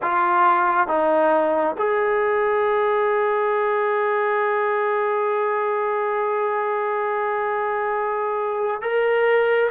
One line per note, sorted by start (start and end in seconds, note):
0.02 0.87 F4
0.87 1.76 D#4
1.77 8.81 G#4
8.81 9.69 A#4